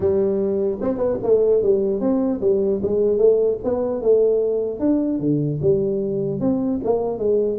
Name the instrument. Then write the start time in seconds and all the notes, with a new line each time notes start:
tuba
0.00 G3
0.81 C4
0.97 B3
1.23 A3
1.62 G3
2.00 C4
2.41 G3
2.82 G#3
3.18 A3
3.63 B3
4.01 A3
4.79 D4
5.19 D3
5.61 G3
6.40 C4
6.84 A#3
7.18 G#3